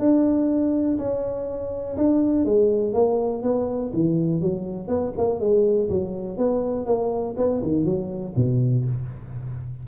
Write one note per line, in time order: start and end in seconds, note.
0.00 0.98 D4
0.99 1.97 C#4
1.98 2.45 D4
2.45 2.94 G#3
2.94 3.43 A#3
3.43 3.92 B3
3.94 4.42 E3
4.42 4.88 F#3
4.88 5.13 B3
5.18 5.40 A#3
5.40 5.89 G#3
5.90 6.38 F#3
6.38 6.87 B3
6.87 7.36 A#3
7.37 7.62 B3
7.63 7.86 D#3
7.86 8.35 F#3
8.37 8.86 B2